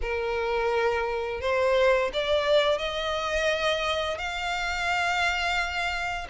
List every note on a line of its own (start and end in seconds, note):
0.01 1.40 A#4
1.40 2.10 C5
2.13 2.78 D5
2.78 4.17 D#5
4.17 6.27 F5